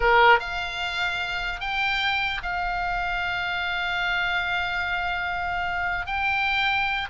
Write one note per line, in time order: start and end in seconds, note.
0.00 0.39 A#4
0.39 1.60 F5
1.60 2.41 G5
2.42 6.06 F5
6.06 7.07 G5